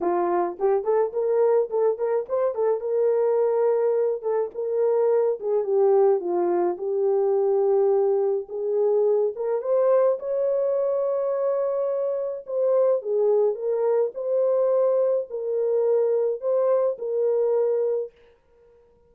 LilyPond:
\new Staff \with { instrumentName = "horn" } { \time 4/4 \tempo 4 = 106 f'4 g'8 a'8 ais'4 a'8 ais'8 | c''8 a'8 ais'2~ ais'8 a'8 | ais'4. gis'8 g'4 f'4 | g'2. gis'4~ |
gis'8 ais'8 c''4 cis''2~ | cis''2 c''4 gis'4 | ais'4 c''2 ais'4~ | ais'4 c''4 ais'2 | }